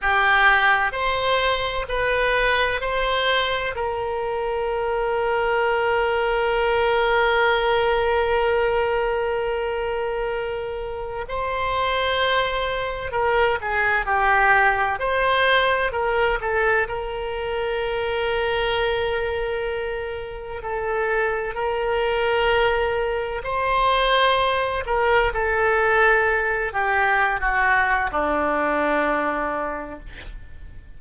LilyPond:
\new Staff \with { instrumentName = "oboe" } { \time 4/4 \tempo 4 = 64 g'4 c''4 b'4 c''4 | ais'1~ | ais'1 | c''2 ais'8 gis'8 g'4 |
c''4 ais'8 a'8 ais'2~ | ais'2 a'4 ais'4~ | ais'4 c''4. ais'8 a'4~ | a'8 g'8. fis'8. d'2 | }